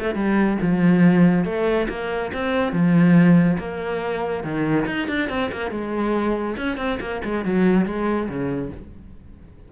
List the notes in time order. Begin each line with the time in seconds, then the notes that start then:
0.00 A3
0.15 G3
0.62 F3
1.45 A3
1.90 A#3
2.34 C4
2.73 F3
3.59 A#3
4.44 D#3
4.87 D#4
5.09 D4
5.30 C4
5.53 A#3
5.71 G#3
6.58 C#4
6.78 C4
7.01 A#3
7.25 G#3
7.45 F#3
7.86 G#3
8.29 C#3